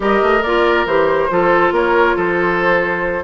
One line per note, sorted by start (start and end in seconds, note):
0.00 0.20 G3
0.00 0.41 G4
0.00 1.30 A#4
0.00 0.43 D#5
0.22 0.42 A3
0.42 0.85 A#3
0.42 0.87 F4
0.42 0.86 D5
0.85 1.28 E3
0.85 1.30 G4
0.85 1.73 C5
1.30 1.71 F3
1.30 3.23 F4
1.30 1.73 A4
1.71 2.14 A#3
1.71 2.15 A#4
1.71 2.17 C#5
2.15 3.23 F3
2.15 3.23 A4
2.15 3.23 C5